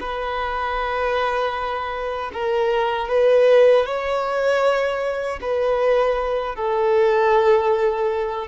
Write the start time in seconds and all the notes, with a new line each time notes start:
0.00 B4
2.33 A#4
3.08 B4
3.85 C#5
5.41 B4
6.55 A4